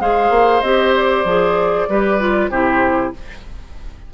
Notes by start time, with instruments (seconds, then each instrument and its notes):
0.00 bassoon G#3, clarinet G#4, oboe C5, flute F5
0.29 bassoon A#3
0.61 bassoon C4, clarinet G4, flute D#5
0.95 flute D5
1.24 bassoon F3, clarinet G#4
1.88 bassoon G3, clarinet G4, oboe B4
2.19 clarinet F4
2.49 bassoon C3, clarinet E4, oboe G4, flute C5